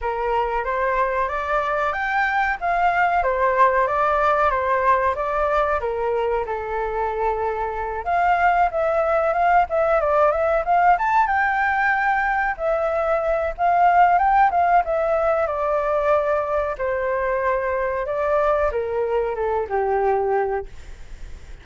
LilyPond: \new Staff \with { instrumentName = "flute" } { \time 4/4 \tempo 4 = 93 ais'4 c''4 d''4 g''4 | f''4 c''4 d''4 c''4 | d''4 ais'4 a'2~ | a'8 f''4 e''4 f''8 e''8 d''8 |
e''8 f''8 a''8 g''2 e''8~ | e''4 f''4 g''8 f''8 e''4 | d''2 c''2 | d''4 ais'4 a'8 g'4. | }